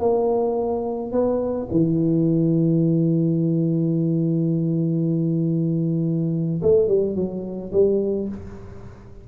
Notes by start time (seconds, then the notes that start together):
0.00 A#3
1.12 B3
1.71 E3
6.62 A3
6.88 G3
7.15 F#3
7.72 G3